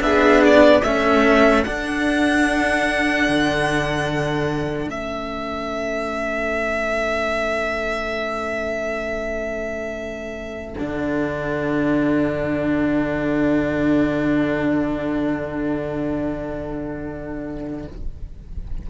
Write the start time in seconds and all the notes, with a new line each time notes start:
0.00 B3 D4 G#4 E5
0.45 D5
0.82 A3 C#4 A4 E5
1.63 D4 F#5
3.28 D3
4.85 A3 C#4 E5
10.76 D3 D4 F#5